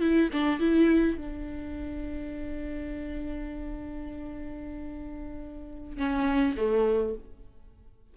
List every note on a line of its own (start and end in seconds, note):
0.00 0.29 E4
0.33 0.59 D4
0.59 1.17 E4
1.17 5.97 D4
5.97 6.55 C#4
6.56 7.15 A3